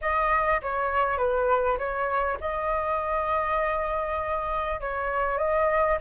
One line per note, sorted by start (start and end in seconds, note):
0.01 0.61 D#5
0.62 1.17 C#5
1.17 1.77 B4
1.78 2.38 C#5
2.40 4.80 D#5
4.80 5.38 C#5
5.38 5.98 D#5